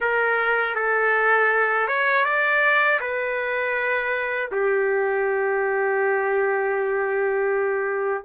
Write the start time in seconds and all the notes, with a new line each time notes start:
0.00 A#4
0.75 A4
1.88 C#5
2.24 D5
3.00 B4
4.51 G4